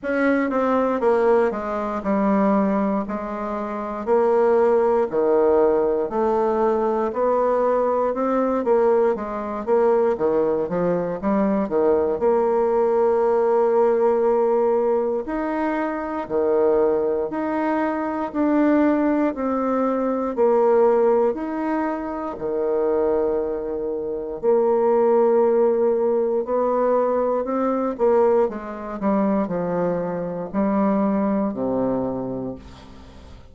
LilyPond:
\new Staff \with { instrumentName = "bassoon" } { \time 4/4 \tempo 4 = 59 cis'8 c'8 ais8 gis8 g4 gis4 | ais4 dis4 a4 b4 | c'8 ais8 gis8 ais8 dis8 f8 g8 dis8 | ais2. dis'4 |
dis4 dis'4 d'4 c'4 | ais4 dis'4 dis2 | ais2 b4 c'8 ais8 | gis8 g8 f4 g4 c4 | }